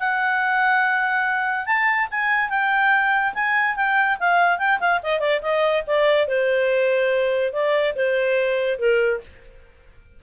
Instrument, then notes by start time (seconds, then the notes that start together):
clarinet
0.00 F#5
1.66 A5
2.11 G#5
2.50 G5
3.35 G#5
3.76 G5
4.20 F5
4.59 G5
4.80 F5
5.03 D#5
5.20 D5
5.42 D#5
5.87 D5
6.28 C5
7.54 D5
7.96 C5
8.79 A#4